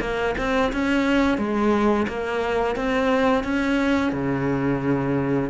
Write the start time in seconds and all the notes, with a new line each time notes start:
0.00 A#3
0.38 C4
0.72 C#4
1.37 G#3
2.08 A#3
2.76 C4
3.43 C#4
4.12 C#3